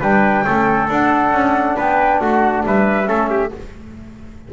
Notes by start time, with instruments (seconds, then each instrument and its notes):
0.00 double bass G3, trombone D4, trumpet B4, flute G5
0.45 double bass A3, trombone C#4, trumpet A4
0.89 double bass D4, trombone D4, flute F#5
1.32 double bass C#4
1.76 double bass B3, trumpet B4, flute G5
2.20 double bass A3, trumpet F#4, flute F#5
2.66 double bass G3, trumpet B4, flute E5
3.06 double bass A3, trombone C#4, trumpet A4
3.30 trumpet G4